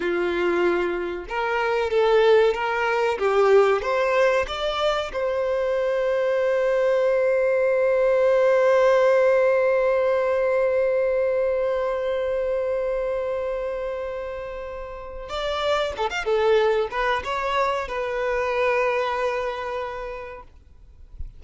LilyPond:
\new Staff \with { instrumentName = "violin" } { \time 4/4 \tempo 4 = 94 f'2 ais'4 a'4 | ais'4 g'4 c''4 d''4 | c''1~ | c''1~ |
c''1~ | c''1 | d''4 a'16 f''16 a'4 b'8 cis''4 | b'1 | }